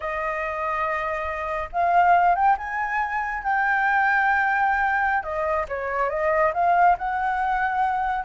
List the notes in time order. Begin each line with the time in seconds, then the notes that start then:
0.00 D#5
1.72 F5
2.35 G5
2.57 G#5
3.43 G5
5.23 D#5
5.68 C#5
6.09 D#5
6.53 F5
6.97 F#5